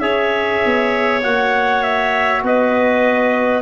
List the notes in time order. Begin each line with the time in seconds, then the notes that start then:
0.00 C#4 G#4 C#5 E5
0.65 B3
1.23 A#3 F#4 F#5
1.83 E5
2.43 B3 B4 D#5